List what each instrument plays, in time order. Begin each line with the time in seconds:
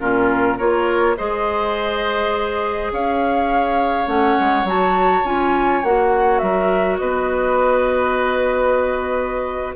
0.00 bassoon A#2, clarinet C#4, oboe F4, flute A#4
0.58 bassoon A#3, clarinet F4, oboe A#4, flute C#5
1.17 bassoon G#3, clarinet G#4, oboe C5, flute D#5
2.92 bassoon C#4, oboe C#5, flute F5
4.07 bassoon A3, clarinet C#4, flute F#5
4.40 bassoon G#3
4.64 bassoon F#3, clarinet F#4, flute A5
5.24 bassoon C#4, clarinet F4, flute G#5
5.84 bassoon A#3, clarinet F#4, flute F#5
6.39 bassoon F#3, oboe A#4, flute E5
6.98 bassoon B3, oboe B4, flute D#5